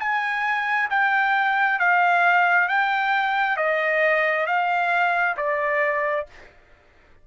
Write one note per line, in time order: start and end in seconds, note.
0.00 0.90 G#5
0.90 1.80 G5
1.80 2.69 F5
2.69 3.57 G5
3.57 4.47 D#5
4.47 5.36 F5
5.37 6.26 D5